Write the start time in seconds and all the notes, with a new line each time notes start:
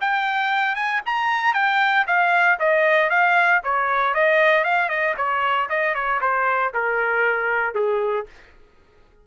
0.00 G5
0.75 G#5
1.06 A#5
1.54 G5
2.07 F5
2.59 D#5
3.09 F5
3.63 C#5
4.14 D#5
4.64 F5
4.89 D#5
5.17 C#5
5.69 D#5
5.94 C#5
6.20 C5
6.73 A#4
7.74 G#4